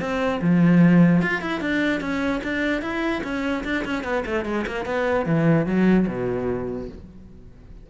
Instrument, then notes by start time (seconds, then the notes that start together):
cello
0.00 C4
0.41 F3
1.21 F4
1.41 E4
1.60 D4
2.00 C#4
2.43 D4
2.81 E4
3.23 C#4
3.64 D4
3.85 C#4
4.04 B3
4.25 A3
4.45 G#3
4.66 A#3
4.85 B3
5.25 E3
5.66 F#3
6.07 B2